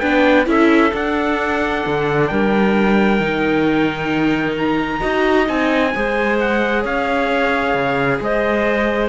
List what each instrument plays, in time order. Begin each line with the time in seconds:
0.00 cello B3, viola D4, clarinet B4, trumpet G5
0.46 cello C#4, viola E4, clarinet A4, trumpet E5
0.94 viola D4, cello D4, trumpet F#5
1.87 cello D3
2.28 cello G3, clarinet A#4, trumpet G5
3.20 cello D#3, viola D#4
4.57 trumpet A#5
5.00 cello D#4, viola F#4, clarinet D#5
5.47 cello C4, viola D#4, trumpet G#5
5.95 cello G#3, viola G#4, clarinet C5
6.40 trumpet F#5
6.82 cello C#4, clarinet C#5, trumpet F5
7.75 cello C#3
8.21 cello G#3, clarinet C5, trumpet D#5